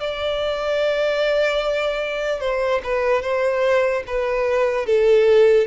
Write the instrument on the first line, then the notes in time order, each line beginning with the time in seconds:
violin
0.00 D5
2.40 C5
2.83 B4
3.22 C5
4.07 B4
4.86 A4